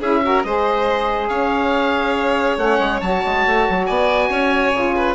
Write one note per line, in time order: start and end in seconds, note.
0.00 0.43 C#4
0.00 0.23 E4
0.00 0.21 G#4
0.00 0.43 E5
0.23 0.44 F#4
0.23 0.46 A#4
0.43 1.29 G#3
0.43 2.58 G#4
0.43 1.29 C5
0.43 1.28 D#5
1.28 2.57 C#4
1.28 3.86 C#5
1.28 2.57 F5
2.57 2.79 A3
2.57 3.01 C#4
2.57 3.00 F#5
2.80 3.01 G#3
3.00 3.23 F#3
3.00 4.73 F#4
3.00 3.86 A5
3.25 3.46 G#3
3.46 3.68 A3
3.69 3.89 F#3
3.86 4.29 B3
3.86 4.29 D5
3.86 5.15 G#5
4.29 4.72 C#4
4.29 4.95 C#5
4.73 5.15 C#3
4.73 5.15 F4
4.96 5.15 B4